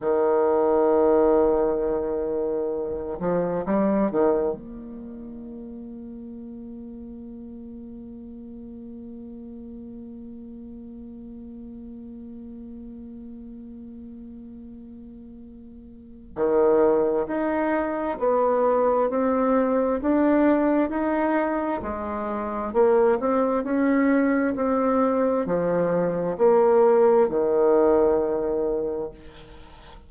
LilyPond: \new Staff \with { instrumentName = "bassoon" } { \time 4/4 \tempo 4 = 66 dis2.~ dis8 f8 | g8 dis8 ais2.~ | ais1~ | ais1~ |
ais2 dis4 dis'4 | b4 c'4 d'4 dis'4 | gis4 ais8 c'8 cis'4 c'4 | f4 ais4 dis2 | }